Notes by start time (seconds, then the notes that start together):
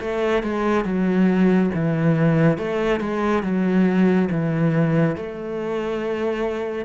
0.00 A3
0.43 G#3
0.85 F#3
1.74 E3
2.58 A3
3.00 G#3
3.43 F#3
4.31 E3
5.16 A3